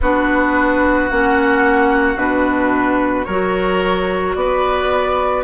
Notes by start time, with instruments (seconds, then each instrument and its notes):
0.01 bassoon B3, clarinet D4, oboe F#4, flute B4
1.09 bassoon A#3, clarinet C#4, flute F#5
2.16 bassoon B2, clarinet D4, flute B4
3.25 bassoon F#3, clarinet F#4, oboe A#4, flute C#5
4.34 bassoon B3, oboe B4, flute D5